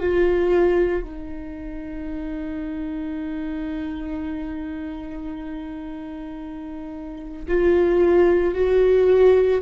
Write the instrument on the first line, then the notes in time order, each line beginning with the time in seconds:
viola
0.00 F4
1.03 D#4
7.48 F4
8.55 F#4